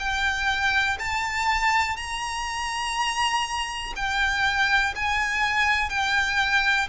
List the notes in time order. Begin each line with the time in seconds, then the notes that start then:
0.00 G5
0.99 A5
1.97 A#5
3.96 G5
4.96 G#5
5.90 G5